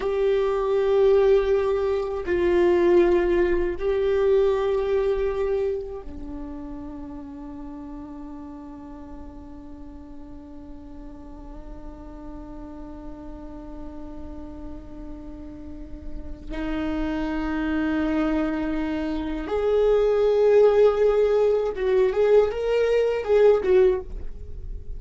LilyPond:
\new Staff \with { instrumentName = "viola" } { \time 4/4 \tempo 4 = 80 g'2. f'4~ | f'4 g'2. | d'1~ | d'1~ |
d'1~ | d'2 dis'2~ | dis'2 gis'2~ | gis'4 fis'8 gis'8 ais'4 gis'8 fis'8 | }